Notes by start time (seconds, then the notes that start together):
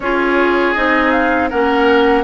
0.00 C#4 F4 G#4 C#5
0.74 C4 D#4 D#5
1.11 F5
1.49 A#3 C#4 A#4 F#5